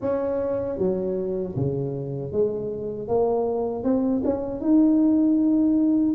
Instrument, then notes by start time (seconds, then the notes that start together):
tuba
0.01 C#4
0.77 F#3
1.56 C#3
2.31 G#3
3.08 A#3
3.83 C4
4.24 C#4
4.60 D#4